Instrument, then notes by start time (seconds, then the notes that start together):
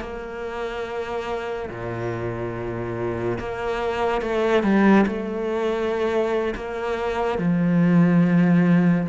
cello
0.00 A#3
1.69 A#2
3.39 A#3
4.22 A3
4.63 G3
5.07 A3
6.55 A#3
7.38 F3